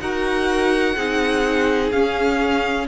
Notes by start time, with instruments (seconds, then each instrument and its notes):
0.00 cello D#4, viola F#4, violin A#4 F#5
0.96 cello C4, viola D#4, violin G#4
1.91 cello C#4, viola C#4, violin F5